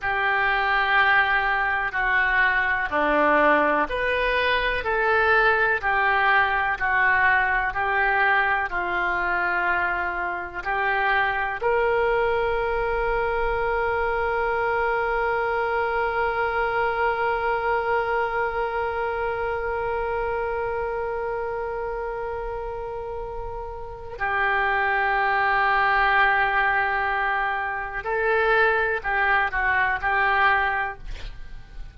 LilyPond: \new Staff \with { instrumentName = "oboe" } { \time 4/4 \tempo 4 = 62 g'2 fis'4 d'4 | b'4 a'4 g'4 fis'4 | g'4 f'2 g'4 | ais'1~ |
ais'1~ | ais'1~ | ais'4 g'2.~ | g'4 a'4 g'8 fis'8 g'4 | }